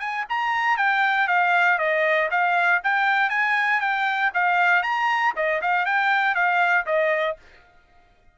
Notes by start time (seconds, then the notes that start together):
0.00 G#5
0.30 A#5
0.78 G5
1.28 F5
1.79 D#5
2.31 F5
2.84 G5
3.30 G#5
3.81 G5
4.35 F5
4.83 A#5
5.36 D#5
5.62 F5
5.86 G5
6.35 F5
6.86 D#5